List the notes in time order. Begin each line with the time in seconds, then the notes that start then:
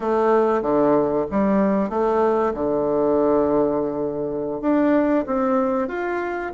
0.00 A3
0.62 D3
1.31 G3
1.89 A3
2.54 D3
4.61 D4
5.26 C4
5.88 F4